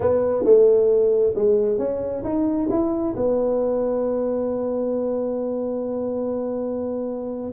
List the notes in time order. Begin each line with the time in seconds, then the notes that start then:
0.00 B3
0.44 A3
1.35 G#3
1.78 C#4
2.24 D#4
2.70 E4
3.16 B3